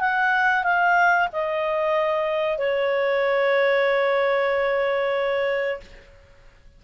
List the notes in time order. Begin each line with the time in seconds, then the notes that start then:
0.00 F#5
0.64 F5
1.33 D#5
2.58 C#5